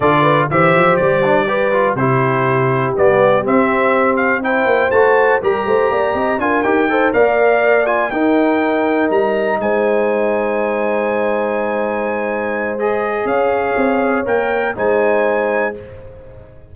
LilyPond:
<<
  \new Staff \with { instrumentName = "trumpet" } { \time 4/4 \tempo 4 = 122 d''4 e''4 d''2 | c''2 d''4 e''4~ | e''8 f''8 g''4 a''4 ais''4~ | ais''4 gis''8 g''4 f''4. |
gis''8 g''2 ais''4 gis''8~ | gis''1~ | gis''2 dis''4 f''4~ | f''4 g''4 gis''2 | }
  \new Staff \with { instrumentName = "horn" } { \time 4/4 a'8 b'8 c''2 b'4 | g'1~ | g'4 c''2 ais'8 c''8 | d''8 dis''8 ais'4 c''8 d''4.~ |
d''8 ais'2. c''8~ | c''1~ | c''2. cis''4~ | cis''2 c''2 | }
  \new Staff \with { instrumentName = "trombone" } { \time 4/4 f'4 g'4. d'8 g'8 f'8 | e'2 b4 c'4~ | c'4 e'4 fis'4 g'4~ | g'4 f'8 g'8 a'8 ais'4. |
f'8 dis'2.~ dis'8~ | dis'1~ | dis'2 gis'2~ | gis'4 ais'4 dis'2 | }
  \new Staff \with { instrumentName = "tuba" } { \time 4/4 d4 e8 f8 g2 | c2 g4 c'4~ | c'4. ais8 a4 g8 a8 | ais8 c'8 d'8 dis'4 ais4.~ |
ais8 dis'2 g4 gis8~ | gis1~ | gis2. cis'4 | c'4 ais4 gis2 | }
>>